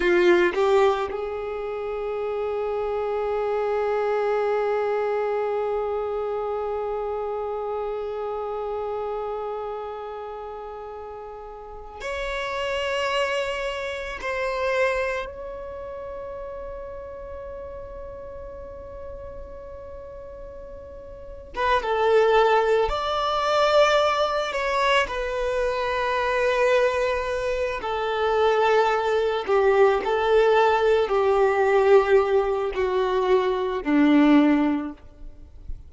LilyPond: \new Staff \with { instrumentName = "violin" } { \time 4/4 \tempo 4 = 55 f'8 g'8 gis'2.~ | gis'1~ | gis'2. cis''4~ | cis''4 c''4 cis''2~ |
cis''2.~ cis''8. b'16 | a'4 d''4. cis''8 b'4~ | b'4. a'4. g'8 a'8~ | a'8 g'4. fis'4 d'4 | }